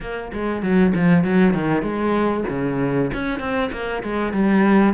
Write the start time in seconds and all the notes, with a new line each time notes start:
0.00 A#3
0.32 G#3
0.62 F#3
0.94 F3
1.24 F#3
1.54 D#3
1.82 G#3
2.49 C#3
3.13 C#4
3.39 C4
3.72 A#3
4.03 G#3
4.32 G3